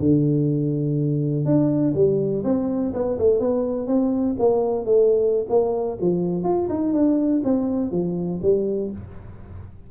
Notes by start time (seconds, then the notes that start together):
0.00 D3
1.45 D4
1.95 G3
2.45 C4
2.94 B3
3.19 A3
3.40 B3
3.88 C4
4.39 A#3
4.86 A3
5.50 A#3
6.01 F3
6.44 F4
6.70 D#4
6.94 D4
7.45 C4
7.92 F3
8.42 G3